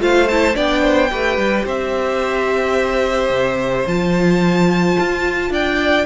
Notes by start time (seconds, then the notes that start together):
0.00 A3 F4 C5 F5
0.28 E4 A5
0.54 B3 D4 D5 G5
0.83 C5
1.11 A3 G4 B4
1.38 G3
1.65 C4 C5 E5
3.30 C3
3.87 F3 F4 A5
5.00 F4
5.50 D4 D5 G5